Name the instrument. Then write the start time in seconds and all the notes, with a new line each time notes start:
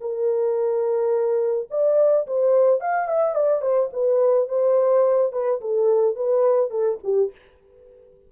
horn
0.00 A#4
1.70 D5
2.27 C5
2.80 F5
3.08 E5
3.35 D5
3.61 C5
3.92 B4
4.48 C5
5.32 B4
5.60 A4
6.15 B4
6.70 A4
7.03 G4